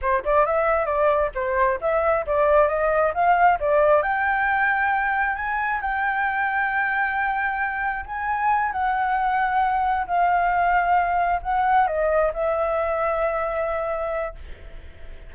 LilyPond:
\new Staff \with { instrumentName = "flute" } { \time 4/4 \tempo 4 = 134 c''8 d''8 e''4 d''4 c''4 | e''4 d''4 dis''4 f''4 | d''4 g''2. | gis''4 g''2.~ |
g''2 gis''4. fis''8~ | fis''2~ fis''8 f''4.~ | f''4. fis''4 dis''4 e''8~ | e''1 | }